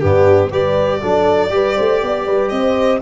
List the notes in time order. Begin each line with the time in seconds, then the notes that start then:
0.00 G2 B3 D4 G4
0.50 G3 G4 B4 D5
1.01 F#3 D4 A4
1.50 G3 G4 B4
1.76 A3 C5
2.02 B3 D5
2.26 G3 B4
2.49 C4 C5 D#5